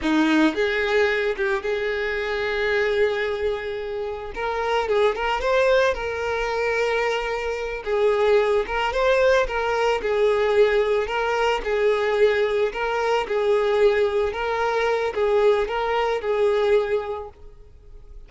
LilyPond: \new Staff \with { instrumentName = "violin" } { \time 4/4 \tempo 4 = 111 dis'4 gis'4. g'8 gis'4~ | gis'1 | ais'4 gis'8 ais'8 c''4 ais'4~ | ais'2~ ais'8 gis'4. |
ais'8 c''4 ais'4 gis'4.~ | gis'8 ais'4 gis'2 ais'8~ | ais'8 gis'2 ais'4. | gis'4 ais'4 gis'2 | }